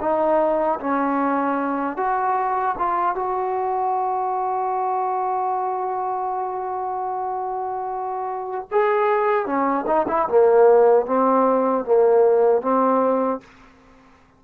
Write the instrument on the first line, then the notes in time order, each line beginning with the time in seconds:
trombone
0.00 D#4
0.80 C#4
1.96 F#4
2.78 F4
3.15 F#4
8.71 G#4
9.46 C#4
9.86 D#4
10.08 E4
10.28 A#3
11.06 C4
11.85 A#3
12.61 C4